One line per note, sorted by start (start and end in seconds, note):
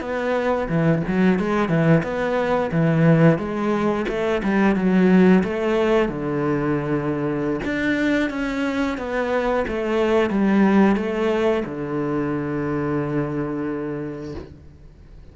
0.00 0.67 B3
0.69 1.02 E3
1.07 1.39 F#3
1.39 1.68 G#3
1.68 2.02 E3
2.03 2.70 B3
2.72 3.38 E3
3.38 4.05 G#3
4.08 4.42 A3
4.43 4.75 G3
4.75 5.43 F#3
5.43 6.09 A3
6.09 7.60 D3
7.64 8.30 D4
8.30 8.97 C#4
8.98 9.65 B3
9.67 10.29 A3
10.29 10.96 G3
10.96 11.63 A3
11.65 14.34 D3